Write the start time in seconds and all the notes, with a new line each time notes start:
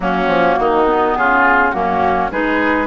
0.00 F#3 A#3 C#4 F#4
0.27 F3
0.59 D#3 D#4
0.86 B3
1.15 C#3 F4 G#4
1.71 F#2 A#3 C#4 F#4
2.31 G#3 D#4 G#4 B4